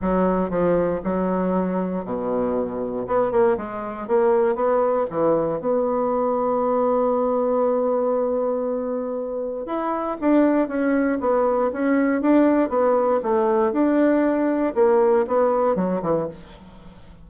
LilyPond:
\new Staff \with { instrumentName = "bassoon" } { \time 4/4 \tempo 4 = 118 fis4 f4 fis2 | b,2 b8 ais8 gis4 | ais4 b4 e4 b4~ | b1~ |
b2. e'4 | d'4 cis'4 b4 cis'4 | d'4 b4 a4 d'4~ | d'4 ais4 b4 fis8 e8 | }